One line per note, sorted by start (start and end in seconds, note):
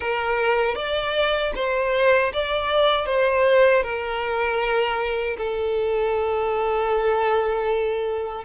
0.00 0.75 A#4
0.75 1.52 D5
1.55 2.32 C5
2.33 3.06 D5
3.06 3.83 C5
3.83 5.36 A#4
5.37 8.44 A4